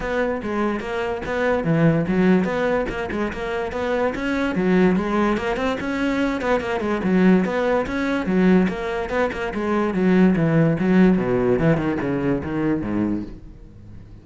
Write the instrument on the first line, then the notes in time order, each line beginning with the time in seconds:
cello
0.00 B3
0.42 G#3
0.80 A#3
1.25 B3
1.64 E3
2.08 F#3
2.44 B3
2.89 A#3
3.11 G#3
3.32 A#3
3.72 B3
4.14 C#4
4.55 F#3
4.96 G#3
5.37 A#3
5.56 C4
5.80 C#4
6.41 B3
6.60 A#3
6.80 G#3
7.03 F#3
7.44 B3
7.86 C#4
8.26 F#3
8.68 A#3
9.09 B3
9.32 A#3
9.53 G#3
9.94 F#3
10.36 E3
10.79 F#3
11.17 B2
11.59 E3
11.77 D#3
12.01 C#3
12.43 D#3
12.82 G#2